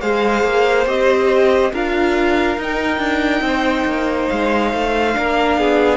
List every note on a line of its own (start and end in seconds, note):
0.00 0.43 G#3
0.00 0.85 G#4
0.00 1.71 C5
0.00 0.86 F5
0.43 0.86 A#3
0.85 1.72 C4
0.85 1.71 G4
0.85 1.73 D#5
1.72 2.57 D4
1.72 2.58 F4
1.72 3.43 A#4
1.72 2.59 F5
2.57 2.98 D#4
2.57 5.13 D#4
2.57 4.29 G5
2.98 3.41 D4
3.41 3.83 C4
3.41 5.17 C5
3.85 4.27 A#3
4.29 4.72 G#3
4.29 5.97 F5
4.72 5.15 A3
5.13 5.57 A#3
5.13 5.97 D4
5.13 5.59 A#4
5.57 5.97 B3
5.57 5.97 G#4